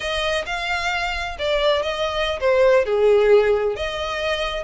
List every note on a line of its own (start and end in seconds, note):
0.00 0.44 D#5
0.45 1.36 F5
1.38 1.82 D5
1.82 2.39 D#5
2.40 2.85 C5
2.85 3.76 G#4
3.76 4.63 D#5